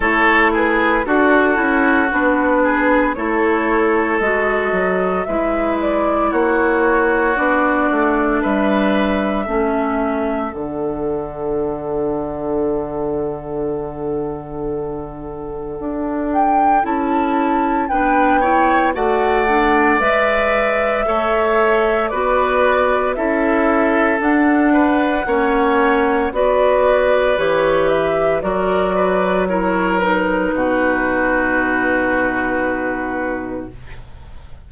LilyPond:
<<
  \new Staff \with { instrumentName = "flute" } { \time 4/4 \tempo 4 = 57 cis''8 b'8 a'4 b'4 cis''4 | dis''4 e''8 d''8 cis''4 d''4 | e''2 fis''2~ | fis''2.~ fis''8 g''8 |
a''4 g''4 fis''4 e''4~ | e''4 d''4 e''4 fis''4~ | fis''4 d''4 cis''8 e''8 d''4 | cis''8 b'2.~ b'8 | }
  \new Staff \with { instrumentName = "oboe" } { \time 4/4 a'8 gis'8 fis'4. gis'8 a'4~ | a'4 b'4 fis'2 | b'4 a'2.~ | a'1~ |
a'4 b'8 cis''8 d''2 | cis''4 b'4 a'4. b'8 | cis''4 b'2 ais'8 b'8 | ais'4 fis'2. | }
  \new Staff \with { instrumentName = "clarinet" } { \time 4/4 e'4 fis'8 e'8 d'4 e'4 | fis'4 e'2 d'4~ | d'4 cis'4 d'2~ | d'1 |
e'4 d'8 e'8 fis'8 d'8 b'4 | a'4 fis'4 e'4 d'4 | cis'4 fis'4 g'4 fis'4 | e'8 dis'2.~ dis'8 | }
  \new Staff \with { instrumentName = "bassoon" } { \time 4/4 a4 d'8 cis'8 b4 a4 | gis8 fis8 gis4 ais4 b8 a8 | g4 a4 d2~ | d2. d'4 |
cis'4 b4 a4 gis4 | a4 b4 cis'4 d'4 | ais4 b4 e4 fis4~ | fis4 b,2. | }
>>